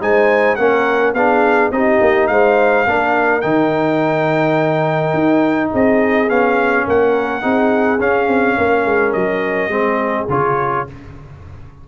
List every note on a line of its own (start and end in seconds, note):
0.00 0.57 G#3
0.00 0.57 D#4
0.00 0.57 C5
0.00 0.55 G#5
0.55 1.13 A#3
0.55 1.15 C#4
0.55 1.14 A#4
0.55 1.12 F#5
1.13 1.70 B3
1.13 1.72 D4
1.13 1.73 G#4
1.13 1.71 F5
1.70 1.99 C4
1.70 2.86 D#4
1.70 2.30 G4
1.70 2.26 D#5
2.01 2.29 A#3
2.26 2.86 G#3
2.26 2.87 C5
2.26 3.40 F5
2.86 3.43 A#3
2.86 3.42 D4
2.86 5.70 A#4
3.40 5.13 D#3
3.40 6.28 D#4
3.40 5.69 G5
5.13 5.70 D#4
5.70 6.29 C4
5.70 6.85 G#4
5.70 6.29 D#5
6.29 6.86 B3
6.29 7.41 C#4
6.29 6.86 F5
6.87 7.43 A#3
6.87 7.43 A#4
6.87 8.00 F#5
7.41 7.99 C4
7.41 7.98 D#4
7.41 8.57 G#4
7.99 8.27 C#4
7.99 9.70 C#4
7.99 9.12 F5
8.27 8.56 C4
8.57 8.85 A#3
8.57 9.72 A#4
8.85 9.13 G#3
9.12 9.68 F#3
9.12 10.26 D#5
9.68 10.25 G#3
9.68 10.27 C4
9.68 10.87 G#4
10.29 10.86 C#3
10.29 10.87 F4
10.29 10.88 C#5